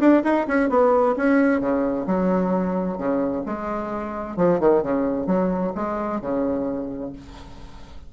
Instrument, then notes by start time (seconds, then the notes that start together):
bassoon
0.00 D4
0.24 D#4
0.47 C#4
0.70 B3
1.17 C#4
1.61 C#3
2.07 F#3
2.98 C#3
3.46 G#3
4.37 F3
4.60 D#3
4.83 C#3
5.27 F#3
5.75 G#3
6.21 C#3